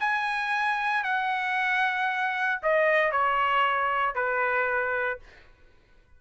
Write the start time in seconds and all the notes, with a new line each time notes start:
0.00 G#5
1.04 F#5
2.63 D#5
3.12 C#5
4.15 B4